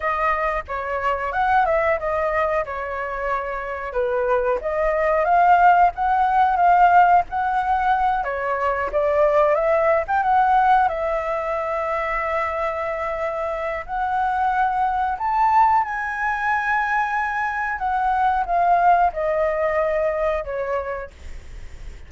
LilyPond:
\new Staff \with { instrumentName = "flute" } { \time 4/4 \tempo 4 = 91 dis''4 cis''4 fis''8 e''8 dis''4 | cis''2 b'4 dis''4 | f''4 fis''4 f''4 fis''4~ | fis''8 cis''4 d''4 e''8. g''16 fis''8~ |
fis''8 e''2.~ e''8~ | e''4 fis''2 a''4 | gis''2. fis''4 | f''4 dis''2 cis''4 | }